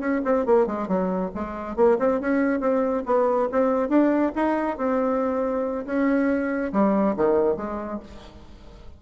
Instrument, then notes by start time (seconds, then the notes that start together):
bassoon
0.00 C#4
0.25 C4
0.46 A#3
0.67 G#3
0.88 F#3
1.35 G#3
1.77 A#3
1.99 C4
2.21 C#4
2.60 C4
3.06 B3
3.52 C4
3.89 D4
4.35 D#4
4.78 C4
5.86 C#4
6.73 G3
7.17 D#3
7.57 G#3